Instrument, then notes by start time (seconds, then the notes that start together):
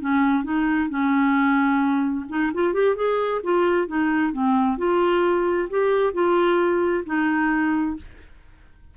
clarinet
0.00 C#4
0.44 D#4
0.89 C#4
2.29 D#4
2.54 F4
2.73 G4
2.96 G#4
3.43 F4
3.87 D#4
4.32 C4
4.78 F4
5.70 G4
6.13 F4
7.06 D#4